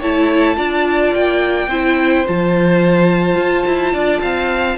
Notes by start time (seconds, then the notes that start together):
0.00 A3 E4 C#5 A5
0.56 D4 F4 D5
1.15 A#3 G5
1.68 C4 E4 C5
2.26 F3 F4 A5
3.37 F4
3.67 E4
3.93 D4 D5
4.22 C4 F5